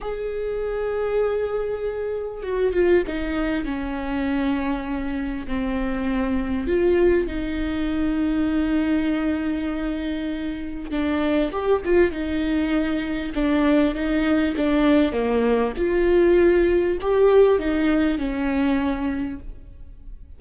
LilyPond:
\new Staff \with { instrumentName = "viola" } { \time 4/4 \tempo 4 = 99 gis'1 | fis'8 f'8 dis'4 cis'2~ | cis'4 c'2 f'4 | dis'1~ |
dis'2 d'4 g'8 f'8 | dis'2 d'4 dis'4 | d'4 ais4 f'2 | g'4 dis'4 cis'2 | }